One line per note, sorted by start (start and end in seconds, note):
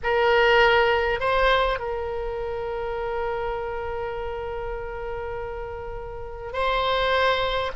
0.03 1.19 A#4
1.19 1.79 C5
1.79 6.52 A#4
6.52 7.71 C5